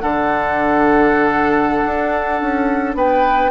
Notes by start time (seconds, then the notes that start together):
0.00 D3 D4 A4 F#5
1.85 D4
2.41 C#4
2.94 B3 B4 G5